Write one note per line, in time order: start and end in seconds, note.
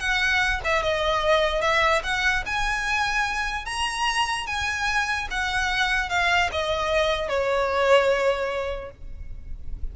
0.00 0.61 F#5
0.64 0.83 E5
0.83 1.62 D#5
1.62 2.02 E5
2.04 2.44 F#5
2.46 3.66 G#5
3.66 4.47 A#5
4.47 5.28 G#5
5.31 6.10 F#5
6.10 6.50 F5
6.52 7.29 D#5
7.29 8.91 C#5